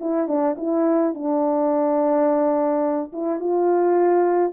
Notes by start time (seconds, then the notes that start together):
0.00 E4
0.28 D4
0.57 E4
1.14 D4
3.13 E4
3.40 F4